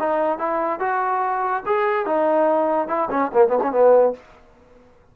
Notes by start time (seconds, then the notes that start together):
0.00 D#4
0.39 E4
0.80 F#4
1.66 G#4
2.07 D#4
2.88 E4
3.11 C#4
3.34 A#3
3.49 B3
3.63 C#4
3.72 B3